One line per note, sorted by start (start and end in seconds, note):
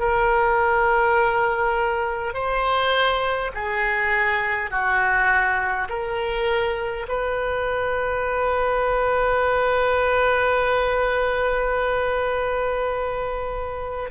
0.00 2.34 A#4
2.34 3.52 C5
3.55 4.71 G#4
4.71 5.89 F#4
5.89 7.07 A#4
7.09 14.11 B4